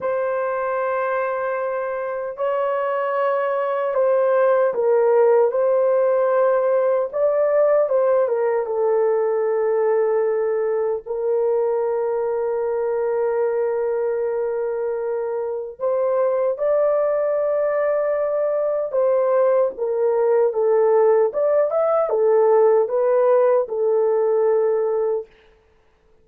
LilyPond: \new Staff \with { instrumentName = "horn" } { \time 4/4 \tempo 4 = 76 c''2. cis''4~ | cis''4 c''4 ais'4 c''4~ | c''4 d''4 c''8 ais'8 a'4~ | a'2 ais'2~ |
ais'1 | c''4 d''2. | c''4 ais'4 a'4 d''8 e''8 | a'4 b'4 a'2 | }